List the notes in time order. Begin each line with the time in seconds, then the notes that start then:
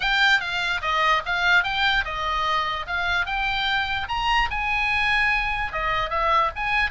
0.00 G5
0.40 F5
0.81 D#5
1.25 F5
1.63 G5
2.04 D#5
2.86 F5
3.26 G5
4.08 A#5
4.50 G#5
5.72 D#5
6.10 E5
6.55 G#5